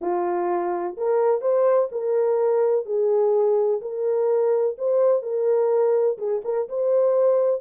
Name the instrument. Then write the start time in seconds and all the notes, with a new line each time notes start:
horn
0.01 F4
0.97 A#4
1.41 C5
1.91 A#4
2.85 G#4
3.81 A#4
4.77 C5
5.22 A#4
6.18 G#4
6.44 A#4
6.68 C5